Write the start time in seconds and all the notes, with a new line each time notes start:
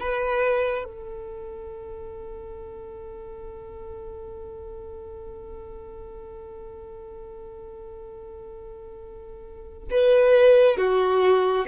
0.00 B4
0.85 A4
9.91 B4
10.78 F#4